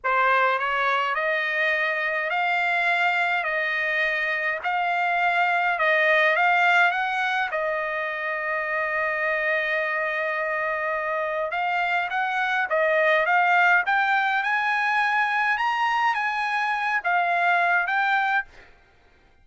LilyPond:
\new Staff \with { instrumentName = "trumpet" } { \time 4/4 \tempo 4 = 104 c''4 cis''4 dis''2 | f''2 dis''2 | f''2 dis''4 f''4 | fis''4 dis''2.~ |
dis''1 | f''4 fis''4 dis''4 f''4 | g''4 gis''2 ais''4 | gis''4. f''4. g''4 | }